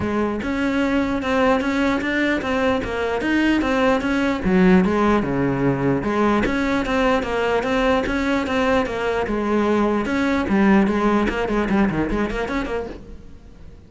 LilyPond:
\new Staff \with { instrumentName = "cello" } { \time 4/4 \tempo 4 = 149 gis4 cis'2 c'4 | cis'4 d'4 c'4 ais4 | dis'4 c'4 cis'4 fis4 | gis4 cis2 gis4 |
cis'4 c'4 ais4 c'4 | cis'4 c'4 ais4 gis4~ | gis4 cis'4 g4 gis4 | ais8 gis8 g8 dis8 gis8 ais8 cis'8 ais8 | }